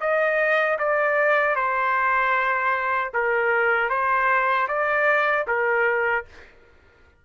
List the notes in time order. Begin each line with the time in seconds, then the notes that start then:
0.00 D#5
0.79 D5
1.55 C5
3.13 A#4
3.89 C5
4.68 D5
5.47 A#4